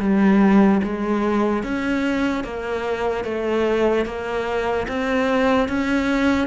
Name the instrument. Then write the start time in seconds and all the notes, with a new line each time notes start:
cello
0.00 G3
0.83 G#3
1.63 C#4
2.44 A#3
3.24 A3
4.05 A#3
4.88 C4
5.68 C#4